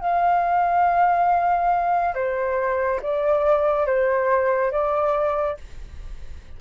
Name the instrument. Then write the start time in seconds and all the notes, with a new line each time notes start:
flute
0.00 F5
2.14 C5
3.02 D5
3.86 C5
4.71 D5